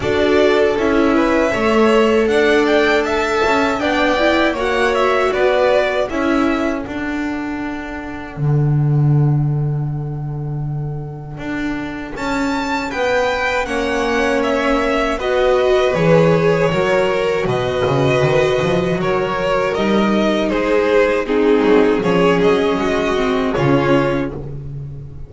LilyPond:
<<
  \new Staff \with { instrumentName = "violin" } { \time 4/4 \tempo 4 = 79 d''4 e''2 fis''8 g''8 | a''4 g''4 fis''8 e''8 d''4 | e''4 fis''2.~ | fis''1 |
a''4 g''4 fis''4 e''4 | dis''4 cis''2 dis''4~ | dis''4 cis''4 dis''4 c''4 | gis'4 cis''8 dis''4. cis''4 | }
  \new Staff \with { instrumentName = "violin" } { \time 4/4 a'4. b'8 cis''4 d''4 | e''4 d''4 cis''4 b'4 | a'1~ | a'1~ |
a'4 b'4 cis''2 | b'2 ais'4 b'4~ | b'4 ais'2 gis'4 | dis'4 gis'4 fis'4 f'4 | }
  \new Staff \with { instrumentName = "viola" } { \time 4/4 fis'4 e'4 a'2~ | a'4 d'8 e'8 fis'2 | e'4 d'2.~ | d'1~ |
d'2 cis'2 | fis'4 gis'4 fis'2~ | fis'2 dis'2 | c'4 cis'4. c'8 cis'4 | }
  \new Staff \with { instrumentName = "double bass" } { \time 4/4 d'4 cis'4 a4 d'4~ | d'8 cis'8 b4 ais4 b4 | cis'4 d'2 d4~ | d2. d'4 |
cis'4 b4 ais2 | b4 e4 fis4 b,8 cis8 | dis8 f8 fis4 g4 gis4~ | gis8 fis8 f8 fis8 gis4 cis4 | }
>>